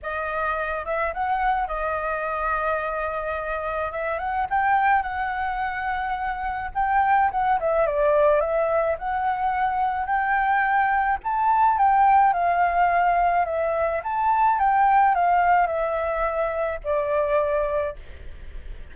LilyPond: \new Staff \with { instrumentName = "flute" } { \time 4/4 \tempo 4 = 107 dis''4. e''8 fis''4 dis''4~ | dis''2. e''8 fis''8 | g''4 fis''2. | g''4 fis''8 e''8 d''4 e''4 |
fis''2 g''2 | a''4 g''4 f''2 | e''4 a''4 g''4 f''4 | e''2 d''2 | }